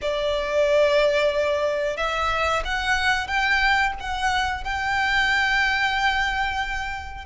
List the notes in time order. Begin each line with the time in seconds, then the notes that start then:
0.01 D5
1.96 E5
2.65 F#5
3.27 G5
4.00 F#5
4.64 G5